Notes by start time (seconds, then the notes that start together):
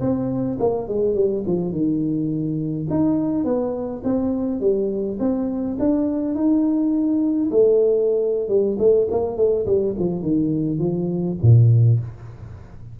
0.00 C4
0.59 A#3
0.88 G#3
1.15 G3
1.46 F3
1.72 D#3
2.90 D#4
3.45 B3
4.04 C4
4.60 G3
5.19 C4
5.79 D4
6.35 D#4
7.51 A3
8.48 G3
8.79 A3
9.11 A#3
9.37 A3
9.66 G3
9.99 F3
10.22 D#3
10.79 F3
11.42 A#2